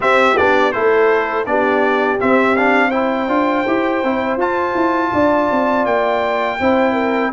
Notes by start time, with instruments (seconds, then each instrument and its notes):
0.00 trombone C4, tuba C4, horn G4, trumpet E5
0.37 tuba B3, trombone D4, trumpet D5
0.72 tuba A3, trombone E4, horn A4, trumpet C5
1.45 tuba B3, trombone D4, horn G4, trumpet D5
2.19 trombone C4, tuba C4, trumpet E5
2.56 trombone D4, trumpet F5
2.88 trombone E4, horn C5, trumpet G5
3.28 tuba D4, trombone F4
3.67 tuba E4, trombone G4
4.03 tuba C4, trombone E4
4.36 tuba F4, trombone F4, trumpet A5
4.74 tuba E4
5.12 tuba D4, horn D5
5.51 tuba C4
5.85 tuba A#3, trumpet G5
6.59 tuba C4, trombone E4, horn C5
6.93 horn A#4